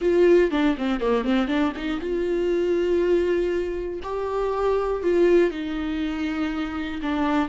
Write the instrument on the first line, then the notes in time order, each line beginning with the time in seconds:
viola
0.01 F4
0.50 D4
0.77 C4
1.00 A#3
1.24 C4
1.47 D4
1.76 D#4
2.00 F4
4.02 G4
5.02 F4
5.50 D#4
7.02 D4